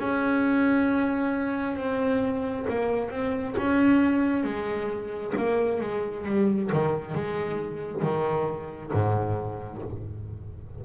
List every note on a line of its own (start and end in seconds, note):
0.00 1.77 C#4
1.77 2.67 C4
2.70 3.11 A#3
3.11 3.55 C4
3.58 4.44 C#4
4.44 5.34 G#3
5.37 5.81 A#3
5.81 6.26 G#3
6.26 6.70 G3
6.73 7.15 D#3
7.15 8.03 G#3
8.03 8.92 D#3
8.93 9.83 G#2